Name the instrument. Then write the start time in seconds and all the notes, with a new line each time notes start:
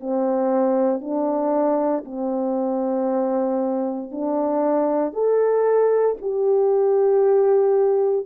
horn
0.00 C4
1.01 D4
2.05 C4
4.11 D4
5.13 A4
6.21 G4